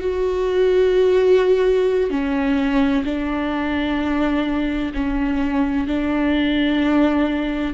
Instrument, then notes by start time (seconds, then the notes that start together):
viola
0.00 F#4
2.10 C#4
3.04 D4
4.93 C#4
5.87 D4